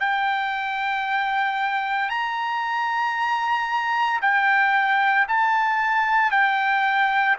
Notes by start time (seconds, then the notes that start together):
0.00 G5
2.10 A#5
4.22 G5
5.28 A5
6.31 G5